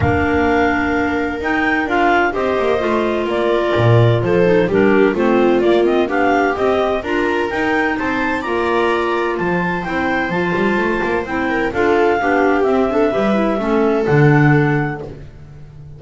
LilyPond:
<<
  \new Staff \with { instrumentName = "clarinet" } { \time 4/4 \tempo 4 = 128 f''2. g''4 | f''4 dis''2 d''4~ | d''4 c''4 ais'4 c''4 | d''8 dis''8 f''4 dis''4 ais''4 |
g''4 a''4 ais''2 | a''4 g''4 a''2 | g''4 f''2 e''4~ | e''2 fis''2 | }
  \new Staff \with { instrumentName = "viola" } { \time 4/4 ais'1~ | ais'4 c''2 ais'4~ | ais'4 a'4 g'4 f'4~ | f'4 g'2 ais'4~ |
ais'4 c''4 d''2 | c''1~ | c''8 ais'8 a'4 g'4. a'8 | b'4 a'2. | }
  \new Staff \with { instrumentName = "clarinet" } { \time 4/4 d'2. dis'4 | f'4 g'4 f'2~ | f'4. dis'8 d'4 c'4 | ais8 c'8 d'4 c'4 f'4 |
dis'2 f'2~ | f'4 e'4 f'2 | e'4 f'4 d'4 c'8 d'8 | g'8 e'8 cis'4 d'2 | }
  \new Staff \with { instrumentName = "double bass" } { \time 4/4 ais2. dis'4 | d'4 c'8 ais8 a4 ais4 | ais,4 f4 g4 a4 | ais4 b4 c'4 d'4 |
dis'4 c'4 ais2 | f4 c'4 f8 g8 a8 ais8 | c'4 d'4 b4 c'4 | g4 a4 d2 | }
>>